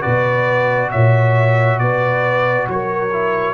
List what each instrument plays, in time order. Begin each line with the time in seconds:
0.00 tuba B2, trombone F#4, horn B4, trumpet D5
0.91 tuba A#2, horn C#5, trumpet E5
1.78 tuba B2, horn B4, trumpet D5
2.67 tuba F#3, horn A#4, trumpet C#5
3.12 trombone E4